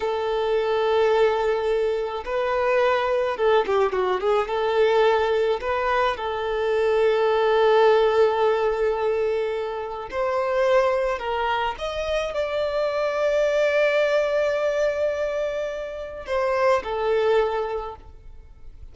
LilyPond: \new Staff \with { instrumentName = "violin" } { \time 4/4 \tempo 4 = 107 a'1 | b'2 a'8 g'8 fis'8 gis'8 | a'2 b'4 a'4~ | a'1~ |
a'2 c''2 | ais'4 dis''4 d''2~ | d''1~ | d''4 c''4 a'2 | }